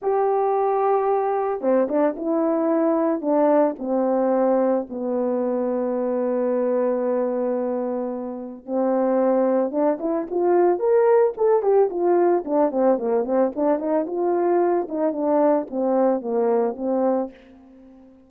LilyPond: \new Staff \with { instrumentName = "horn" } { \time 4/4 \tempo 4 = 111 g'2. c'8 d'8 | e'2 d'4 c'4~ | c'4 b2.~ | b1 |
c'2 d'8 e'8 f'4 | ais'4 a'8 g'8 f'4 d'8 c'8 | ais8 c'8 d'8 dis'8 f'4. dis'8 | d'4 c'4 ais4 c'4 | }